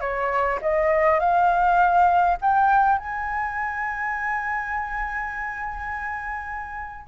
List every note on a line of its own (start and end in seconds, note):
0.00 0.59 C#5
0.61 1.19 D#5
1.19 2.37 F5
2.41 2.98 G5
2.98 7.07 G#5